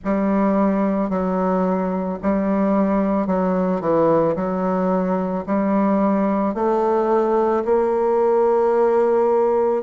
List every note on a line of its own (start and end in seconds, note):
0.04 1.09 G3
1.09 2.18 F#3
2.22 3.27 G3
3.27 3.80 F#3
3.80 4.35 E3
4.35 5.44 F#3
5.46 6.54 G3
6.54 7.63 A3
7.64 9.82 A#3